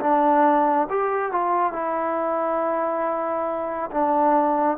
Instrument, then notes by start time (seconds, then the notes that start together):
trombone
0.00 D4
0.90 G4
1.32 F4
1.72 E4
3.91 D4